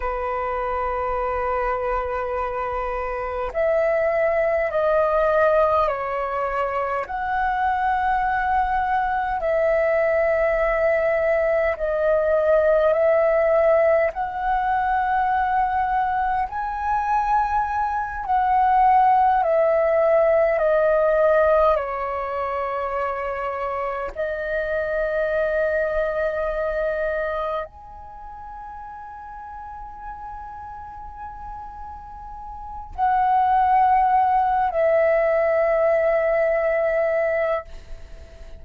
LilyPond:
\new Staff \with { instrumentName = "flute" } { \time 4/4 \tempo 4 = 51 b'2. e''4 | dis''4 cis''4 fis''2 | e''2 dis''4 e''4 | fis''2 gis''4. fis''8~ |
fis''8 e''4 dis''4 cis''4.~ | cis''8 dis''2. gis''8~ | gis''1 | fis''4. e''2~ e''8 | }